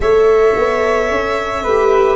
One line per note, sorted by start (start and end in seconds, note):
0.00 0.54 A3
0.00 1.65 A4
0.00 1.63 C#5
0.00 2.16 E5
0.55 1.10 B3
1.10 1.64 C#4
1.63 2.16 A3
1.63 2.16 G4
1.63 2.16 B4